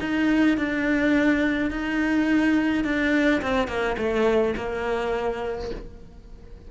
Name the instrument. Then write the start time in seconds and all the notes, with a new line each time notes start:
cello
0.00 D#4
0.57 D4
1.70 D#4
2.84 D4
3.42 C4
3.67 A#3
3.97 A3
4.56 A#3